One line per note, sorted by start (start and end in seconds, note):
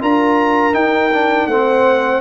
0.00 0.74 D4
0.00 0.73 F4
0.00 1.49 A#4
0.00 0.74 A#5
0.73 1.10 D#4
0.73 1.46 D#4
0.73 1.47 G5
1.13 1.50 D4
1.46 2.21 A3
1.46 2.21 C4
1.46 2.21 C5
1.46 2.21 F#5